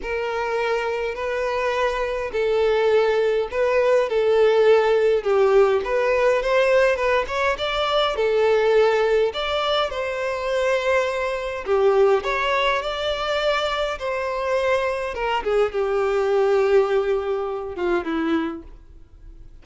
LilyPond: \new Staff \with { instrumentName = "violin" } { \time 4/4 \tempo 4 = 103 ais'2 b'2 | a'2 b'4 a'4~ | a'4 g'4 b'4 c''4 | b'8 cis''8 d''4 a'2 |
d''4 c''2. | g'4 cis''4 d''2 | c''2 ais'8 gis'8 g'4~ | g'2~ g'8 f'8 e'4 | }